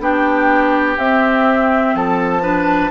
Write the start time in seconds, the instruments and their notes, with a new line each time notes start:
0.00 bassoon B3, clarinet D4, oboe G4, flute G5
0.98 bassoon C4, clarinet C4, flute E5
1.95 bassoon F3, oboe A4, flute A5
2.42 clarinet D4, oboe B4